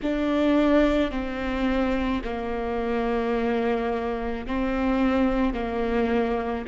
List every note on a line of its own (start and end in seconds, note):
0.02 1.11 D4
1.11 2.22 C4
2.24 4.46 A#3
4.46 5.53 C4
5.53 6.64 A#3